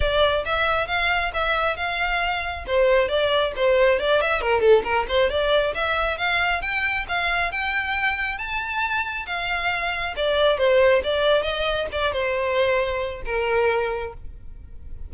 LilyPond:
\new Staff \with { instrumentName = "violin" } { \time 4/4 \tempo 4 = 136 d''4 e''4 f''4 e''4 | f''2 c''4 d''4 | c''4 d''8 e''8 ais'8 a'8 ais'8 c''8 | d''4 e''4 f''4 g''4 |
f''4 g''2 a''4~ | a''4 f''2 d''4 | c''4 d''4 dis''4 d''8 c''8~ | c''2 ais'2 | }